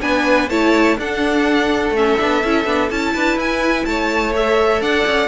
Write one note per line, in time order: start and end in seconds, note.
0.00 0.49 B3
0.00 0.48 D4
0.00 0.49 B4
0.00 0.49 G#5
0.49 0.97 A3
0.49 0.98 E4
0.49 0.97 C#5
0.49 0.97 A5
0.97 1.90 D4
0.97 1.95 D4
0.97 3.14 A4
0.97 1.95 F#5
1.90 2.14 A3
1.90 2.18 C#4
1.90 2.90 E5
2.18 2.43 B3
2.18 2.42 D4
2.43 2.65 C#4
2.43 2.66 E4
2.65 2.89 B3
2.65 2.90 D4
2.90 3.14 C#4
2.90 4.33 E4
2.90 3.38 A5
3.14 3.36 D4
3.14 3.86 B4
3.36 3.84 E4
3.36 3.85 G#5
3.85 4.81 A3
3.85 4.82 C#5
3.85 4.33 A5
4.33 5.28 A4
4.33 4.82 E5
4.81 5.05 D4
4.81 5.28 D5
4.81 5.28 F#5
5.06 5.28 C#4